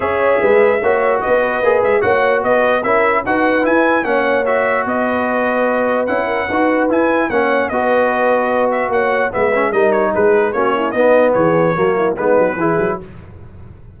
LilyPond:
<<
  \new Staff \with { instrumentName = "trumpet" } { \time 4/4 \tempo 4 = 148 e''2. dis''4~ | dis''8 e''8 fis''4 dis''4 e''4 | fis''4 gis''4 fis''4 e''4 | dis''2. fis''4~ |
fis''4 gis''4 fis''4 dis''4~ | dis''4. e''8 fis''4 e''4 | dis''8 cis''8 b'4 cis''4 dis''4 | cis''2 b'2 | }
  \new Staff \with { instrumentName = "horn" } { \time 4/4 cis''4 b'4 cis''4 b'4~ | b'4 cis''4 b'4 ais'4 | b'2 cis''2 | b'2.~ b'8 ais'8 |
b'2 cis''4 b'4~ | b'2 cis''4 b'4 | ais'4 gis'4 fis'8 e'8 dis'4 | gis'4 fis'8 e'8 dis'4 gis'4 | }
  \new Staff \with { instrumentName = "trombone" } { \time 4/4 gis'2 fis'2 | gis'4 fis'2 e'4 | fis'4 e'4 cis'4 fis'4~ | fis'2. e'4 |
fis'4 e'4 cis'4 fis'4~ | fis'2. b8 cis'8 | dis'2 cis'4 b4~ | b4 ais4 b4 e'4 | }
  \new Staff \with { instrumentName = "tuba" } { \time 4/4 cis'4 gis4 ais4 b4 | ais8 gis8 ais4 b4 cis'4 | dis'4 e'4 ais2 | b2. cis'4 |
dis'4 e'4 ais4 b4~ | b2 ais4 gis4 | g4 gis4 ais4 b4 | e4 fis4 gis8 fis8 e8 fis8 | }
>>